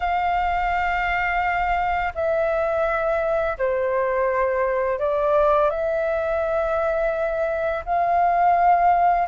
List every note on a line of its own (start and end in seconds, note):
0.00 2.12 F5
2.14 3.57 E5
3.58 4.99 C5
4.99 5.70 D5
5.70 7.84 E5
7.85 9.28 F5